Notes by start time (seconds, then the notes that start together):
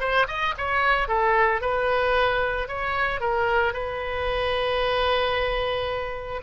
0.00 C5
0.28 D#5
0.58 C#5
1.08 A4
1.61 B4
2.68 C#5
3.20 A#4
3.73 B4